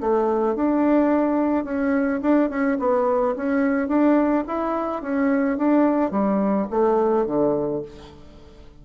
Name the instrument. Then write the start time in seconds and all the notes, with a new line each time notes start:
bassoon
0.00 A3
0.55 D4
1.64 C#4
2.21 D4
2.49 C#4
2.79 B3
3.36 C#4
3.88 D4
4.47 E4
5.02 C#4
5.57 D4
6.11 G3
6.70 A3
7.26 D3